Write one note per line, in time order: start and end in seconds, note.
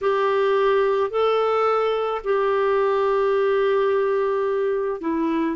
0.01 1.10 G4
1.10 2.21 A4
2.24 5.01 G4
5.01 5.56 E4